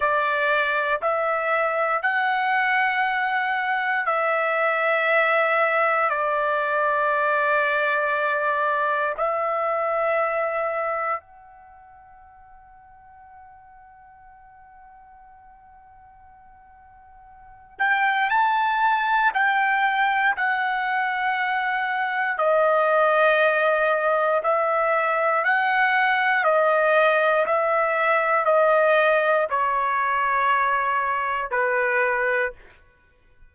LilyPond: \new Staff \with { instrumentName = "trumpet" } { \time 4/4 \tempo 4 = 59 d''4 e''4 fis''2 | e''2 d''2~ | d''4 e''2 fis''4~ | fis''1~ |
fis''4. g''8 a''4 g''4 | fis''2 dis''2 | e''4 fis''4 dis''4 e''4 | dis''4 cis''2 b'4 | }